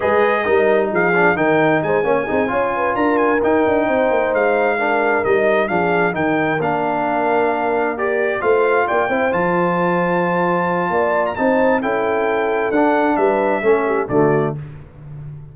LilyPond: <<
  \new Staff \with { instrumentName = "trumpet" } { \time 4/4 \tempo 4 = 132 dis''2 f''4 g''4 | gis''2~ gis''8 ais''8 gis''8 g''8~ | g''4. f''2 dis''8~ | dis''8 f''4 g''4 f''4.~ |
f''4. d''4 f''4 g''8~ | g''8 a''2.~ a''8~ | a''8. ais''16 a''4 g''2 | fis''4 e''2 d''4 | }
  \new Staff \with { instrumentName = "horn" } { \time 4/4 b'4 ais'4 gis'4 ais'4 | c''8 cis''8 gis'8 cis''8 b'8 ais'4.~ | ais'8 c''2 ais'4.~ | ais'8 gis'4 ais'2~ ais'8~ |
ais'2~ ais'8 c''4 d''8 | c''1 | d''4 c''4 a'2~ | a'4 b'4 a'8 g'8 fis'4 | }
  \new Staff \with { instrumentName = "trombone" } { \time 4/4 gis'4 dis'4. d'8 dis'4~ | dis'8 cis'8 dis'8 f'2 dis'8~ | dis'2~ dis'8 d'4 dis'8~ | dis'8 d'4 dis'4 d'4.~ |
d'4. g'4 f'4. | e'8 f'2.~ f'8~ | f'4 dis'4 e'2 | d'2 cis'4 a4 | }
  \new Staff \with { instrumentName = "tuba" } { \time 4/4 gis4 g4 f4 dis4 | gis8 ais8 c'8 cis'4 d'4 dis'8 | d'8 c'8 ais8 gis2 g8~ | g8 f4 dis4 ais4.~ |
ais2~ ais8 a4 ais8 | c'8 f2.~ f8 | ais4 c'4 cis'2 | d'4 g4 a4 d4 | }
>>